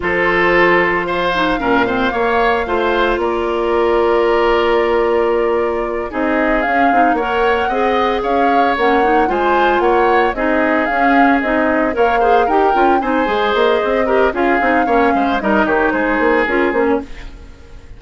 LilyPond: <<
  \new Staff \with { instrumentName = "flute" } { \time 4/4 \tempo 4 = 113 c''2 f''2~ | f''2 d''2~ | d''2.~ d''8 dis''8~ | dis''8 f''4 fis''2 f''8~ |
f''8 fis''4 gis''4 fis''4 dis''8~ | dis''8 f''4 dis''4 f''4 g''8~ | g''8 gis''4 dis''4. f''4~ | f''4 dis''8 cis''8 c''4 ais'8 c''16 cis''16 | }
  \new Staff \with { instrumentName = "oboe" } { \time 4/4 a'2 c''4 ais'8 c''8 | cis''4 c''4 ais'2~ | ais'2.~ ais'8 gis'8~ | gis'4. cis''4 dis''4 cis''8~ |
cis''4. c''4 cis''4 gis'8~ | gis'2~ gis'8 cis''8 c''8 ais'8~ | ais'8 c''2 ais'8 gis'4 | cis''8 c''8 ais'8 g'8 gis'2 | }
  \new Staff \with { instrumentName = "clarinet" } { \time 4/4 f'2~ f'8 dis'8 cis'8 c'8 | ais4 f'2.~ | f'2.~ f'8 dis'8~ | dis'8 cis'8 dis'8 ais'4 gis'4.~ |
gis'8 cis'8 dis'8 f'2 dis'8~ | dis'8 cis'4 dis'4 ais'8 gis'8 g'8 | f'8 dis'8 gis'4. g'8 f'8 dis'8 | cis'4 dis'2 f'8 cis'8 | }
  \new Staff \with { instrumentName = "bassoon" } { \time 4/4 f2. ais,4 | ais4 a4 ais2~ | ais2.~ ais8 c'8~ | c'8 cis'8 c'8 ais4 c'4 cis'8~ |
cis'8 ais4 gis4 ais4 c'8~ | c'8 cis'4 c'4 ais4 dis'8 | cis'8 c'8 gis8 ais8 c'4 cis'8 c'8 | ais8 gis8 g8 dis8 gis8 ais8 cis'8 ais8 | }
>>